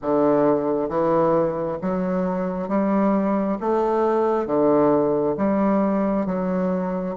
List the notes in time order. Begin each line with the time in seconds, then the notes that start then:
0.02 D3
0.88 E3
1.82 F#3
2.68 G3
3.60 A3
4.46 D3
5.37 G3
6.26 F#3